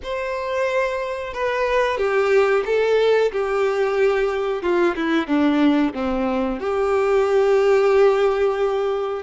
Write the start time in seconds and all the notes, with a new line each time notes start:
0.03 C5
1.33 B4
1.97 G4
2.65 A4
3.32 G4
4.62 F4
4.95 E4
5.27 D4
5.94 C4
6.60 G4